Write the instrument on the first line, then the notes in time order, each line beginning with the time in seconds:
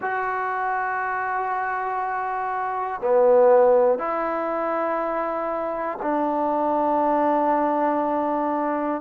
trombone
0.01 F#4
3.00 B3
3.98 E4
6.01 D4